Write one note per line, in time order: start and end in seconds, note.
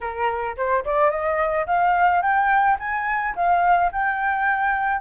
0.00 0.56 A#4
0.56 0.84 C5
0.84 1.10 D5
1.10 1.66 D#5
1.66 2.21 F5
2.22 2.77 G5
2.79 3.35 G#5
3.35 3.91 F5
3.92 5.01 G5